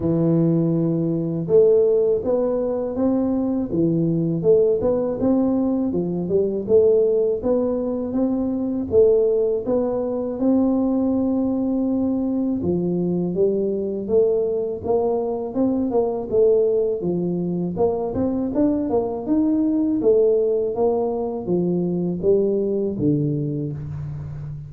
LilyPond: \new Staff \with { instrumentName = "tuba" } { \time 4/4 \tempo 4 = 81 e2 a4 b4 | c'4 e4 a8 b8 c'4 | f8 g8 a4 b4 c'4 | a4 b4 c'2~ |
c'4 f4 g4 a4 | ais4 c'8 ais8 a4 f4 | ais8 c'8 d'8 ais8 dis'4 a4 | ais4 f4 g4 d4 | }